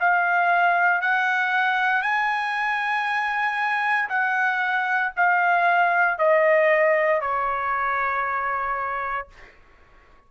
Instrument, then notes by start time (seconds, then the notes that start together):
trumpet
0.00 F5
1.01 F#5
2.02 G#5
4.09 F#5
5.16 F5
6.18 D#5
7.21 C#5